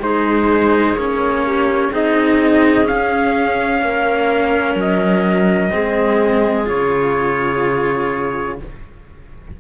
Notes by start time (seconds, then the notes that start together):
0.00 G#3 D#4 G#4 C5
0.94 A#3 C#4 C#5
1.46 G4
1.92 C4 D#4 G#4 D#5
2.84 C#4 F5
2.91 C#4
3.82 A#3 A#4
4.75 F#3 D#5
5.71 G#3 C4 G#4
6.65 C#3 F4 C#5